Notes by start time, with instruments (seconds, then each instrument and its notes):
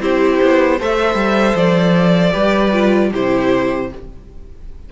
0.00 cello C4, viola E4, violin G4 C5
0.41 cello B3
0.77 cello A3, viola A4, violin C5 E5
1.15 cello G3
1.55 cello F3, violin D5
2.32 cello G3, viola G4, violin B4
2.73 viola F4
3.11 cello C3, viola E4, violin G4 C5